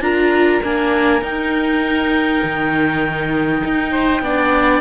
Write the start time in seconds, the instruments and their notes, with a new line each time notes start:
0.00 cello D4, viola F4, oboe A#4, clarinet A#5
0.63 cello A#3, viola D4, clarinet G#5
1.21 viola D#4, cello D#4, clarinet G5
2.43 cello D#3
3.64 cello D#4
3.91 oboe C5
4.21 cello B3, viola D4, oboe D5